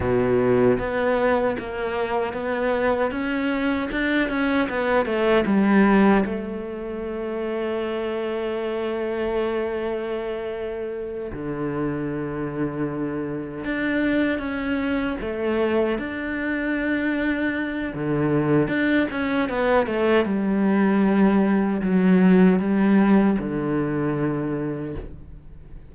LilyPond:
\new Staff \with { instrumentName = "cello" } { \time 4/4 \tempo 4 = 77 b,4 b4 ais4 b4 | cis'4 d'8 cis'8 b8 a8 g4 | a1~ | a2~ a8 d4.~ |
d4. d'4 cis'4 a8~ | a8 d'2~ d'8 d4 | d'8 cis'8 b8 a8 g2 | fis4 g4 d2 | }